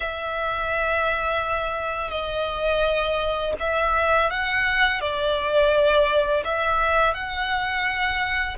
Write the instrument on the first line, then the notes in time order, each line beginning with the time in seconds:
violin
0.00 E5
2.10 D#5
3.59 E5
4.30 F#5
5.00 D5
6.44 E5
7.14 F#5